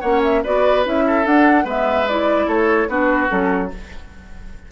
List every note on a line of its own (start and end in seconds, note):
0.00 0.44 A#3
0.00 0.44 C#4
0.00 0.41 C#5
0.00 0.20 F#5
0.23 0.43 E5
0.43 0.85 B3
0.43 0.84 F#4
0.43 1.04 B4
0.43 0.85 D5
0.84 1.25 C#4
0.84 1.24 E4
0.84 1.26 E5
1.06 1.64 A4
1.24 1.64 D4
1.24 1.67 F#5
1.64 2.46 G#3
1.64 2.05 B3
1.64 2.46 B4
1.64 2.08 E5
2.08 2.88 E4
2.08 2.48 D5
2.47 2.87 A3
2.47 2.87 A4
2.47 2.88 C#5
2.87 3.28 B3
2.87 3.28 D4
2.87 3.71 F#4
2.87 3.29 B4
3.28 3.71 F#3
3.28 3.68 C#4
3.28 3.70 A4